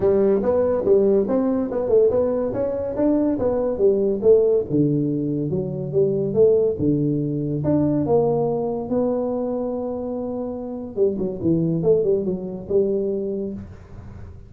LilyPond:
\new Staff \with { instrumentName = "tuba" } { \time 4/4 \tempo 4 = 142 g4 b4 g4 c'4 | b8 a8 b4 cis'4 d'4 | b4 g4 a4 d4~ | d4 fis4 g4 a4 |
d2 d'4 ais4~ | ais4 b2.~ | b2 g8 fis8 e4 | a8 g8 fis4 g2 | }